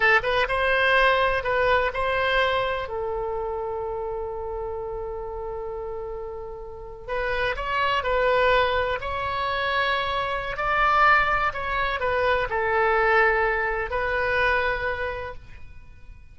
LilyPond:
\new Staff \with { instrumentName = "oboe" } { \time 4/4 \tempo 4 = 125 a'8 b'8 c''2 b'4 | c''2 a'2~ | a'1~ | a'2~ a'8. b'4 cis''16~ |
cis''8. b'2 cis''4~ cis''16~ | cis''2 d''2 | cis''4 b'4 a'2~ | a'4 b'2. | }